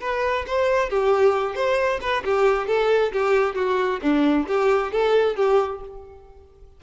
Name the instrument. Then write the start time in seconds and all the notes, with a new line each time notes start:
violin
0.00 B4
0.46 C5
0.89 G4
1.55 C5
2.01 B4
2.24 G4
2.67 A4
3.12 G4
3.55 F#4
4.02 D4
4.47 G4
4.92 A4
5.36 G4